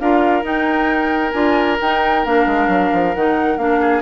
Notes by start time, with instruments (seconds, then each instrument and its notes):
0.00 bassoon D4, clarinet F4, oboe A#4, flute F5
0.43 bassoon D#4, clarinet D#4, flute G5
1.32 bassoon D4, clarinet F4, flute G#5
1.82 bassoon D#4, clarinet D#4, flute G5
2.25 bassoon A#3, clarinet D4, flute F5
2.46 bassoon G#3
2.68 bassoon F#3
2.93 bassoon F3
3.15 bassoon D#3, clarinet D#4, flute F#5
3.58 bassoon A#3, clarinet D4, flute F5
3.81 oboe G#4